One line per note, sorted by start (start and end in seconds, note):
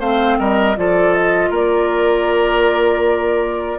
0.00 0.38 A3
0.00 0.76 C4
0.00 0.38 C5
0.00 0.39 F5
0.39 0.77 G3
0.39 0.77 A#4
0.39 0.77 D#5
0.76 1.50 F3
0.76 3.79 F4
0.76 1.50 A4
0.76 1.14 D5
1.14 1.52 D#5
1.50 3.78 A#3
1.50 3.78 A#4
1.50 3.79 D5